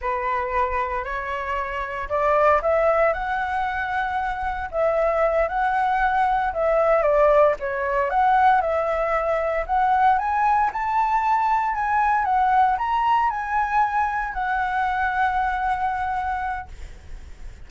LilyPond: \new Staff \with { instrumentName = "flute" } { \time 4/4 \tempo 4 = 115 b'2 cis''2 | d''4 e''4 fis''2~ | fis''4 e''4. fis''4.~ | fis''8 e''4 d''4 cis''4 fis''8~ |
fis''8 e''2 fis''4 gis''8~ | gis''8 a''2 gis''4 fis''8~ | fis''8 ais''4 gis''2 fis''8~ | fis''1 | }